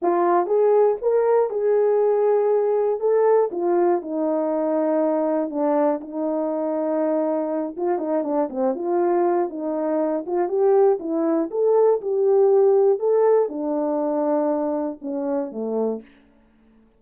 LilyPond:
\new Staff \with { instrumentName = "horn" } { \time 4/4 \tempo 4 = 120 f'4 gis'4 ais'4 gis'4~ | gis'2 a'4 f'4 | dis'2. d'4 | dis'2.~ dis'8 f'8 |
dis'8 d'8 c'8 f'4. dis'4~ | dis'8 f'8 g'4 e'4 a'4 | g'2 a'4 d'4~ | d'2 cis'4 a4 | }